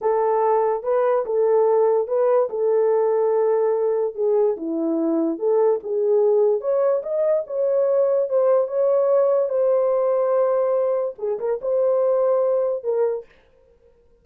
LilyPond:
\new Staff \with { instrumentName = "horn" } { \time 4/4 \tempo 4 = 145 a'2 b'4 a'4~ | a'4 b'4 a'2~ | a'2 gis'4 e'4~ | e'4 a'4 gis'2 |
cis''4 dis''4 cis''2 | c''4 cis''2 c''4~ | c''2. gis'8 ais'8 | c''2. ais'4 | }